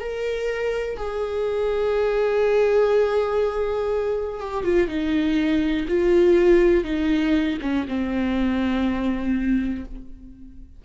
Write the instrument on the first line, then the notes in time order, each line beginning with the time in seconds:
viola
0.00 A#4
0.97 G#4
4.40 G4
4.64 F4
4.88 D#4
5.88 F4
6.85 D#4
7.62 C#4
7.88 C4